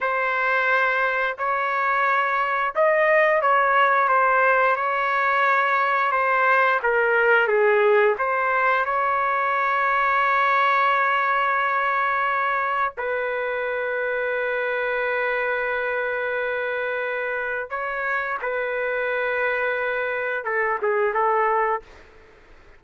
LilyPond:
\new Staff \with { instrumentName = "trumpet" } { \time 4/4 \tempo 4 = 88 c''2 cis''2 | dis''4 cis''4 c''4 cis''4~ | cis''4 c''4 ais'4 gis'4 | c''4 cis''2.~ |
cis''2. b'4~ | b'1~ | b'2 cis''4 b'4~ | b'2 a'8 gis'8 a'4 | }